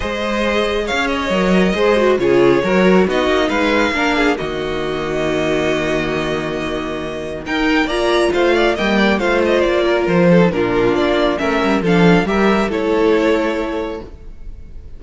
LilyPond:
<<
  \new Staff \with { instrumentName = "violin" } { \time 4/4 \tempo 4 = 137 dis''2 f''8 dis''4.~ | dis''4 cis''2 dis''4 | f''2 dis''2~ | dis''1~ |
dis''4 g''4 ais''4 f''4 | g''4 f''8 dis''8 d''4 c''4 | ais'4 d''4 e''4 f''4 | e''4 cis''2. | }
  \new Staff \with { instrumentName = "violin" } { \time 4/4 c''2 cis''2 | c''4 gis'4 ais'4 fis'4 | b'4 ais'8 gis'8 fis'2~ | fis'1~ |
fis'4 ais'4 d''4 c''8 d''8 | dis''8 d''8 c''4. ais'4 a'8 | f'2 ais'4 a'4 | ais'4 a'2. | }
  \new Staff \with { instrumentName = "viola" } { \time 4/4 gis'2. ais'4 | gis'8 fis'8 f'4 fis'4 dis'4~ | dis'4 d'4 ais2~ | ais1~ |
ais4 dis'4 f'2 | ais4 f'2~ f'8. dis'16 | d'2 cis'4 d'4 | g'4 e'2. | }
  \new Staff \with { instrumentName = "cello" } { \time 4/4 gis2 cis'4 fis4 | gis4 cis4 fis4 b8 ais8 | gis4 ais4 dis2~ | dis1~ |
dis4 dis'4 ais4 a4 | g4 a4 ais4 f4 | ais,4 ais4 a8 g8 f4 | g4 a2. | }
>>